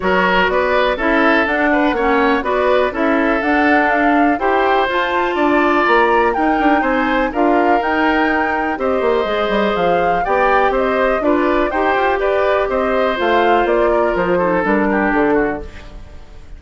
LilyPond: <<
  \new Staff \with { instrumentName = "flute" } { \time 4/4 \tempo 4 = 123 cis''4 d''4 e''4 fis''4~ | fis''4 d''4 e''4 fis''4 | f''4 g''4 a''2 | ais''4 g''4 gis''4 f''4 |
g''2 dis''2 | f''4 g''4 dis''4 d''4 | g''4 d''4 dis''4 f''4 | d''4 c''4 ais'4 a'4 | }
  \new Staff \with { instrumentName = "oboe" } { \time 4/4 ais'4 b'4 a'4. b'8 | cis''4 b'4 a'2~ | a'4 c''2 d''4~ | d''4 ais'4 c''4 ais'4~ |
ais'2 c''2~ | c''4 d''4 c''4 b'4 | c''4 b'4 c''2~ | c''8 ais'4 a'4 g'4 fis'8 | }
  \new Staff \with { instrumentName = "clarinet" } { \time 4/4 fis'2 e'4 d'4 | cis'4 fis'4 e'4 d'4~ | d'4 g'4 f'2~ | f'4 dis'2 f'4 |
dis'2 g'4 gis'4~ | gis'4 g'2 f'4 | g'2. f'4~ | f'4. dis'8 d'2 | }
  \new Staff \with { instrumentName = "bassoon" } { \time 4/4 fis4 b4 cis'4 d'4 | ais4 b4 cis'4 d'4~ | d'4 e'4 f'4 d'4 | ais4 dis'8 d'8 c'4 d'4 |
dis'2 c'8 ais8 gis8 g8 | f4 b4 c'4 d'4 | dis'8 f'8 g'4 c'4 a4 | ais4 f4 g4 d4 | }
>>